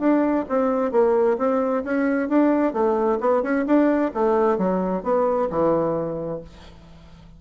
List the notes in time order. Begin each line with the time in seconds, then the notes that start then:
0.00 D4
0.49 C4
0.92 A#3
1.38 C4
1.85 C#4
2.29 D4
2.74 A3
3.21 B3
3.43 C#4
3.67 D4
4.14 A3
4.58 F#3
5.04 B3
5.50 E3